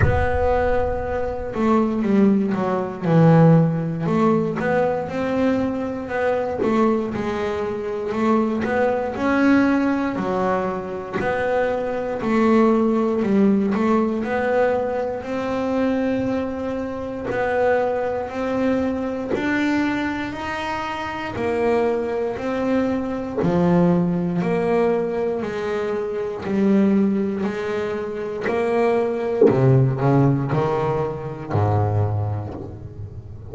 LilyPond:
\new Staff \with { instrumentName = "double bass" } { \time 4/4 \tempo 4 = 59 b4. a8 g8 fis8 e4 | a8 b8 c'4 b8 a8 gis4 | a8 b8 cis'4 fis4 b4 | a4 g8 a8 b4 c'4~ |
c'4 b4 c'4 d'4 | dis'4 ais4 c'4 f4 | ais4 gis4 g4 gis4 | ais4 c8 cis8 dis4 gis,4 | }